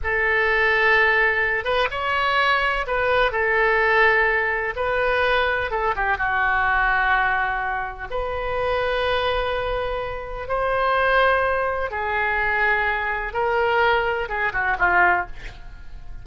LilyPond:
\new Staff \with { instrumentName = "oboe" } { \time 4/4 \tempo 4 = 126 a'2.~ a'8 b'8 | cis''2 b'4 a'4~ | a'2 b'2 | a'8 g'8 fis'2.~ |
fis'4 b'2.~ | b'2 c''2~ | c''4 gis'2. | ais'2 gis'8 fis'8 f'4 | }